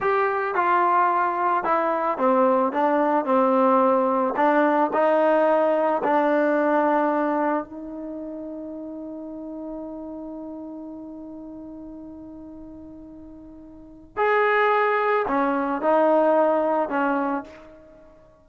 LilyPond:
\new Staff \with { instrumentName = "trombone" } { \time 4/4 \tempo 4 = 110 g'4 f'2 e'4 | c'4 d'4 c'2 | d'4 dis'2 d'4~ | d'2 dis'2~ |
dis'1~ | dis'1~ | dis'2 gis'2 | cis'4 dis'2 cis'4 | }